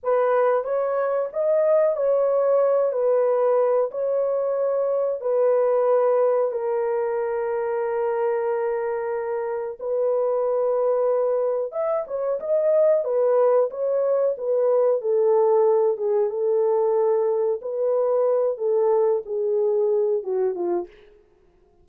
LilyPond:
\new Staff \with { instrumentName = "horn" } { \time 4/4 \tempo 4 = 92 b'4 cis''4 dis''4 cis''4~ | cis''8 b'4. cis''2 | b'2 ais'2~ | ais'2. b'4~ |
b'2 e''8 cis''8 dis''4 | b'4 cis''4 b'4 a'4~ | a'8 gis'8 a'2 b'4~ | b'8 a'4 gis'4. fis'8 f'8 | }